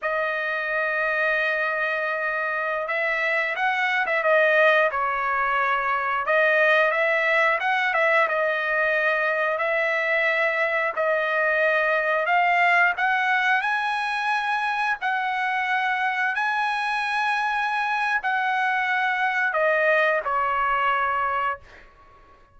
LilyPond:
\new Staff \with { instrumentName = "trumpet" } { \time 4/4 \tempo 4 = 89 dis''1~ | dis''16 e''4 fis''8. e''16 dis''4 cis''8.~ | cis''4~ cis''16 dis''4 e''4 fis''8 e''16~ | e''16 dis''2 e''4.~ e''16~ |
e''16 dis''2 f''4 fis''8.~ | fis''16 gis''2 fis''4.~ fis''16~ | fis''16 gis''2~ gis''8. fis''4~ | fis''4 dis''4 cis''2 | }